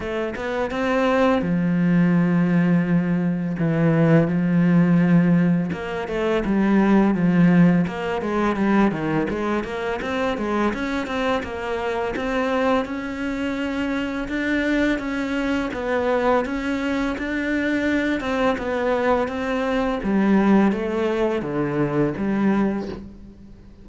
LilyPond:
\new Staff \with { instrumentName = "cello" } { \time 4/4 \tempo 4 = 84 a8 b8 c'4 f2~ | f4 e4 f2 | ais8 a8 g4 f4 ais8 gis8 | g8 dis8 gis8 ais8 c'8 gis8 cis'8 c'8 |
ais4 c'4 cis'2 | d'4 cis'4 b4 cis'4 | d'4. c'8 b4 c'4 | g4 a4 d4 g4 | }